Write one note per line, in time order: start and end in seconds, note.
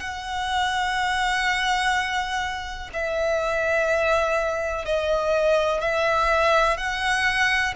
0.00 2.90 F#5
2.93 4.86 E5
4.86 5.81 D#5
5.81 6.77 E5
6.77 7.74 F#5